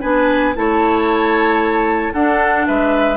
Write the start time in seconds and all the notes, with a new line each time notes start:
0.00 B3 D4 B4 G#5
0.54 A3 E4 C#5 A5
2.13 D4 A4 F#5
2.66 G#3 B4 E5